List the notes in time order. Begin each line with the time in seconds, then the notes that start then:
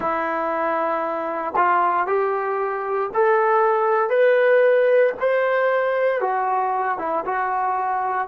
0.00 E4
1.56 F4
2.06 G4
3.14 A4
4.09 B4
5.20 C5
6.20 F#4
6.98 E4
7.25 F#4